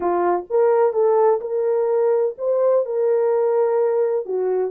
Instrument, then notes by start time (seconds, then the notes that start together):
horn
0.00 F4
0.49 A#4
0.92 A4
1.40 A#4
2.38 C5
2.85 A#4
4.25 F#4